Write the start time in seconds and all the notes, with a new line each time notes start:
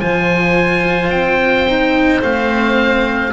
0.00 F3 F4 C5 G#5
1.10 C4 G5
1.69 D#4
2.22 A3 C4 F5